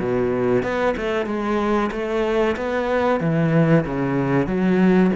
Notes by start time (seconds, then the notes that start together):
0.00 B2
0.63 B3
0.97 A3
1.26 G#3
1.92 A3
2.57 B3
3.21 E3
3.86 C#3
4.47 F#3